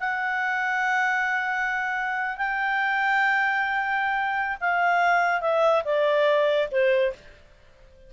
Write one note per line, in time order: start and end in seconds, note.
0.00 2.38 F#5
2.38 4.58 G5
4.61 5.41 F5
5.41 5.83 E5
5.85 6.69 D5
6.72 7.13 C5